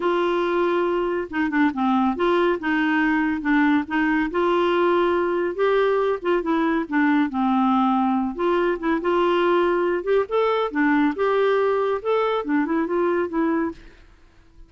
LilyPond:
\new Staff \with { instrumentName = "clarinet" } { \time 4/4 \tempo 4 = 140 f'2. dis'8 d'8 | c'4 f'4 dis'2 | d'4 dis'4 f'2~ | f'4 g'4. f'8 e'4 |
d'4 c'2~ c'8 f'8~ | f'8 e'8 f'2~ f'8 g'8 | a'4 d'4 g'2 | a'4 d'8 e'8 f'4 e'4 | }